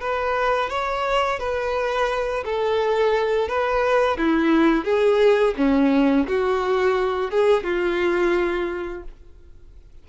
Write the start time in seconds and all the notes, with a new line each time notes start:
0.00 B4
0.69 C#5
1.39 B4
2.45 A4
3.48 B4
4.17 E4
4.84 G#4
5.57 C#4
6.27 F#4
7.31 G#4
7.63 F4